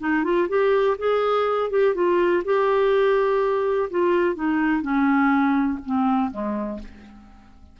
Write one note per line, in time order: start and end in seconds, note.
0.00 0.24 D#4
0.24 0.48 F4
0.49 0.97 G4
0.99 1.71 G#4
1.71 1.95 G4
1.95 2.43 F4
2.45 3.90 G4
3.91 4.35 F4
4.35 4.82 D#4
4.82 5.79 C#4
5.86 6.31 C4
6.31 6.80 G#3